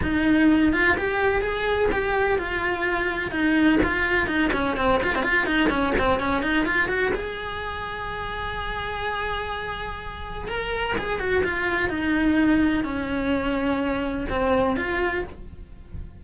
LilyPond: \new Staff \with { instrumentName = "cello" } { \time 4/4 \tempo 4 = 126 dis'4. f'8 g'4 gis'4 | g'4 f'2 dis'4 | f'4 dis'8 cis'8 c'8 f'16 c'16 f'8 dis'8 | cis'8 c'8 cis'8 dis'8 f'8 fis'8 gis'4~ |
gis'1~ | gis'2 ais'4 gis'8 fis'8 | f'4 dis'2 cis'4~ | cis'2 c'4 f'4 | }